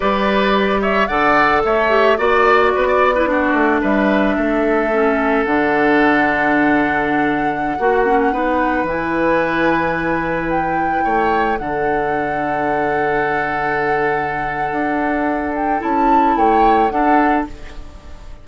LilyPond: <<
  \new Staff \with { instrumentName = "flute" } { \time 4/4 \tempo 4 = 110 d''4. e''8 fis''4 e''4 | d''2. e''4~ | e''2 fis''2~ | fis''1~ |
fis''16 gis''2. g''8.~ | g''4~ g''16 fis''2~ fis''8.~ | fis''1~ | fis''8 g''8 a''4 g''4 fis''4 | }
  \new Staff \with { instrumentName = "oboe" } { \time 4/4 b'4. cis''8 d''4 cis''4 | d''4 b'16 d''8 b'16 fis'4 b'4 | a'1~ | a'2~ a'16 fis'4 b'8.~ |
b'1~ | b'16 cis''4 a'2~ a'8.~ | a'1~ | a'2 cis''4 a'4 | }
  \new Staff \with { instrumentName = "clarinet" } { \time 4/4 g'2 a'4. g'8 | fis'4.~ fis'16 e'16 d'2~ | d'4 cis'4 d'2~ | d'2~ d'16 fis'8 cis'8 dis'8.~ |
dis'16 e'2.~ e'8.~ | e'4~ e'16 d'2~ d'8.~ | d'1~ | d'4 e'2 d'4 | }
  \new Staff \with { instrumentName = "bassoon" } { \time 4/4 g2 d4 a4 | ais4 b4. a8 g4 | a2 d2~ | d2~ d16 ais4 b8.~ |
b16 e2.~ e8.~ | e16 a4 d2~ d8.~ | d2. d'4~ | d'4 cis'4 a4 d'4 | }
>>